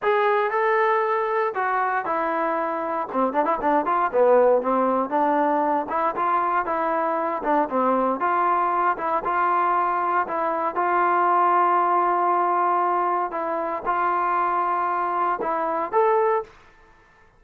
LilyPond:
\new Staff \with { instrumentName = "trombone" } { \time 4/4 \tempo 4 = 117 gis'4 a'2 fis'4 | e'2 c'8 d'16 e'16 d'8 f'8 | b4 c'4 d'4. e'8 | f'4 e'4. d'8 c'4 |
f'4. e'8 f'2 | e'4 f'2.~ | f'2 e'4 f'4~ | f'2 e'4 a'4 | }